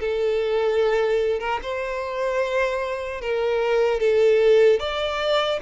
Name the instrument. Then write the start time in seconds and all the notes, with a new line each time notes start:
violin
0.00 A4
1.40 A#4
1.63 C5
3.21 A#4
4.00 A4
4.80 D5